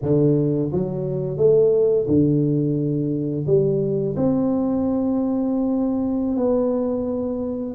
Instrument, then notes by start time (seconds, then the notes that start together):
tuba
0.02 D3
0.71 F#3
1.37 A3
2.07 D3
3.46 G3
4.16 C4
6.36 B3